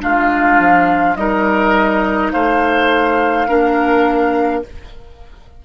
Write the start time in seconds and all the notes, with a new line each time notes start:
0.00 G#3 D4 F4 F5
0.59 F3
1.16 G3 D#4 A#4 D#5
2.32 A3 C5 F5
3.48 A#3 D4 A#4